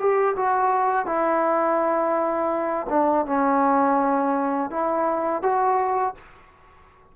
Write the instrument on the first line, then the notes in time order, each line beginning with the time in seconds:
trombone
0.00 G4
0.37 F#4
1.06 E4
2.90 D4
3.27 C#4
4.71 E4
5.43 F#4